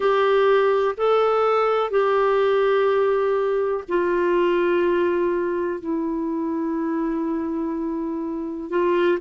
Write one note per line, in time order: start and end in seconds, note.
0.00 0.95 G4
0.97 1.90 A4
1.90 3.84 G4
3.88 5.80 F4
5.80 8.70 E4
8.70 9.18 F4